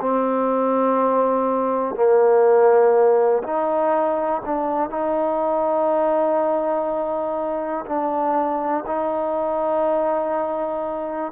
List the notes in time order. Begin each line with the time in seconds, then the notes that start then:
0.00 C4
1.95 A#3
3.43 D#4
4.45 D4
4.90 D#4
7.86 D4
8.87 D#4